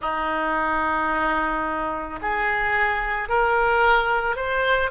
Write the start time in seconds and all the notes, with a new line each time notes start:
0.01 D#4
2.21 G#4
3.28 A#4
4.35 C5